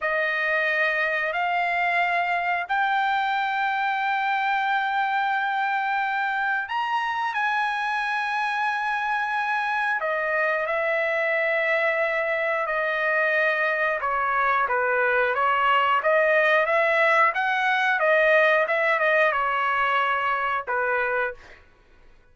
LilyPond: \new Staff \with { instrumentName = "trumpet" } { \time 4/4 \tempo 4 = 90 dis''2 f''2 | g''1~ | g''2 ais''4 gis''4~ | gis''2. dis''4 |
e''2. dis''4~ | dis''4 cis''4 b'4 cis''4 | dis''4 e''4 fis''4 dis''4 | e''8 dis''8 cis''2 b'4 | }